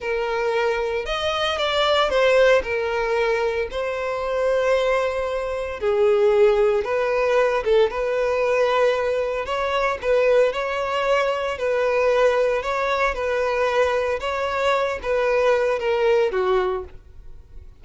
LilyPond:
\new Staff \with { instrumentName = "violin" } { \time 4/4 \tempo 4 = 114 ais'2 dis''4 d''4 | c''4 ais'2 c''4~ | c''2. gis'4~ | gis'4 b'4. a'8 b'4~ |
b'2 cis''4 b'4 | cis''2 b'2 | cis''4 b'2 cis''4~ | cis''8 b'4. ais'4 fis'4 | }